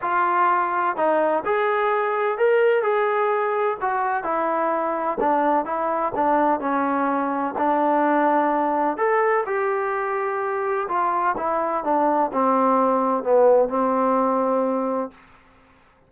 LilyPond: \new Staff \with { instrumentName = "trombone" } { \time 4/4 \tempo 4 = 127 f'2 dis'4 gis'4~ | gis'4 ais'4 gis'2 | fis'4 e'2 d'4 | e'4 d'4 cis'2 |
d'2. a'4 | g'2. f'4 | e'4 d'4 c'2 | b4 c'2. | }